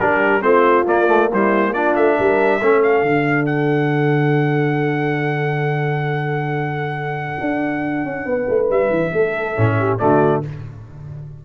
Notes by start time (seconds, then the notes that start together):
0.00 G3 D4 G4 A#4
0.42 A3 C4 F4 C5
0.88 A#3 D5
1.08 A3
1.32 G3 E4 C5
1.74 D4 F4 D5
1.96 A3 E5
2.18 G3 A#4
2.61 A3 C#4 A4
2.83 F5
3.03 D3 D4
3.46 F#5
7.41 D4
8.05 C#4
8.26 B3 B4
8.49 A3
8.70 G3 E5
8.90 E3
9.13 A3 A4
9.57 A2 C#4
9.79 G4
9.99 D3 A3 F#4 D5